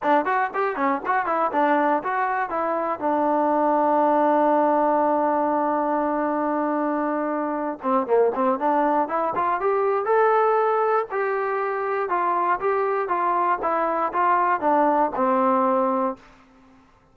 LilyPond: \new Staff \with { instrumentName = "trombone" } { \time 4/4 \tempo 4 = 119 d'8 fis'8 g'8 cis'8 fis'8 e'8 d'4 | fis'4 e'4 d'2~ | d'1~ | d'2.~ d'8 c'8 |
ais8 c'8 d'4 e'8 f'8 g'4 | a'2 g'2 | f'4 g'4 f'4 e'4 | f'4 d'4 c'2 | }